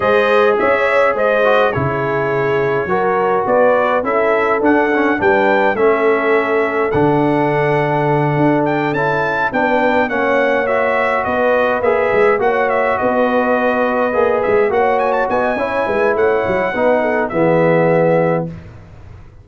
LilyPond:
<<
  \new Staff \with { instrumentName = "trumpet" } { \time 4/4 \tempo 4 = 104 dis''4 e''4 dis''4 cis''4~ | cis''2 d''4 e''4 | fis''4 g''4 e''2 | fis''2. g''8 a''8~ |
a''8 g''4 fis''4 e''4 dis''8~ | dis''8 e''4 fis''8 e''8 dis''4.~ | dis''4 e''8 fis''8 gis''16 a''16 gis''4. | fis''2 e''2 | }
  \new Staff \with { instrumentName = "horn" } { \time 4/4 c''4 cis''4 c''4 gis'4~ | gis'4 ais'4 b'4 a'4~ | a'4 b'4 a'2~ | a'1~ |
a'8 b'4 cis''2 b'8~ | b'4. cis''4 b'4.~ | b'4. cis''4 dis''8 cis''8 b'8 | cis''4 b'8 a'8 gis'2 | }
  \new Staff \with { instrumentName = "trombone" } { \time 4/4 gis'2~ gis'8 fis'8 e'4~ | e'4 fis'2 e'4 | d'8 cis'8 d'4 cis'2 | d'2.~ d'8 e'8~ |
e'8 d'4 cis'4 fis'4.~ | fis'8 gis'4 fis'2~ fis'8~ | fis'8 gis'4 fis'4. e'4~ | e'4 dis'4 b2 | }
  \new Staff \with { instrumentName = "tuba" } { \time 4/4 gis4 cis'4 gis4 cis4~ | cis4 fis4 b4 cis'4 | d'4 g4 a2 | d2~ d8 d'4 cis'8~ |
cis'8 b4 ais2 b8~ | b8 ais8 gis8 ais4 b4.~ | b8 ais8 gis8 ais4 b8 cis'8 gis8 | a8 fis8 b4 e2 | }
>>